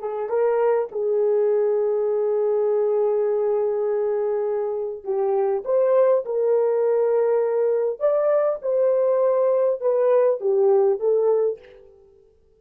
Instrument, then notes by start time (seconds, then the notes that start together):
horn
0.00 G#4
0.29 A#4
0.92 G#4
5.04 G4
5.65 C5
6.25 A#4
8.00 D5
8.62 C5
9.81 B4
10.41 G4
11.00 A4